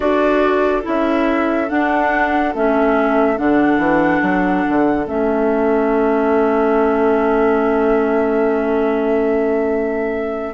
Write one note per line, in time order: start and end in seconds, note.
0.00 0.85 D4
0.00 0.82 F#4
0.00 10.54 A4
0.00 0.82 D5
0.82 1.70 C#4
0.82 1.67 E4
0.82 1.69 E5
1.69 2.54 D4
1.69 2.53 F#5
2.54 3.38 A3
2.54 3.36 C#4
2.54 3.37 E5
3.36 3.78 D3
3.36 5.05 D4
3.36 5.07 F#5
3.78 4.20 E3
4.22 4.64 F#3
4.68 5.06 D3
5.06 10.54 A3
5.06 10.54 C#4
5.06 10.54 E5